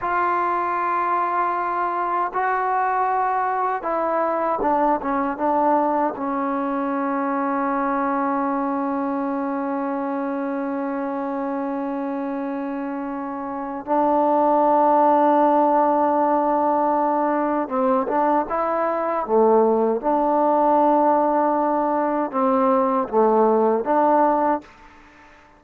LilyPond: \new Staff \with { instrumentName = "trombone" } { \time 4/4 \tempo 4 = 78 f'2. fis'4~ | fis'4 e'4 d'8 cis'8 d'4 | cis'1~ | cis'1~ |
cis'2 d'2~ | d'2. c'8 d'8 | e'4 a4 d'2~ | d'4 c'4 a4 d'4 | }